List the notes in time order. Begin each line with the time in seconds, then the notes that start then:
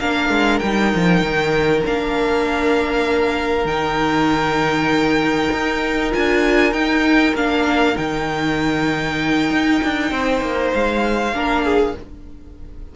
0.00 A#3 D4 A#4 F5
0.29 G#3
0.59 G3 D#4 G5
0.95 F3
1.22 D#3
1.85 A#3 D4 F5
3.65 D#3 D#4 G5
5.53 D#4
6.11 D4 F4 G#5
6.72 D#4 G5
7.35 A#3 D4 F5
7.95 D#3 D#4 G5
9.51 D#4
9.84 D4
10.11 C4 C5
10.41 A#3
10.73 G#3 F5
11.33 A#3 D4 A#4
11.64 G#4